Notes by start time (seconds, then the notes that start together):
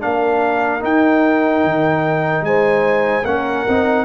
0.00 A#3 D4 A#4 F5
0.80 D#4 G5
1.64 D#3
2.41 G#3 C5 G#5
3.24 A#3 C#4 A#4 F#5
3.67 C4 D#4